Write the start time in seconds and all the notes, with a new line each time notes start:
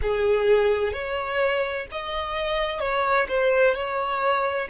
0.02 G#4
0.92 C#5
1.91 D#5
2.80 C#5
3.28 C5
3.74 C#5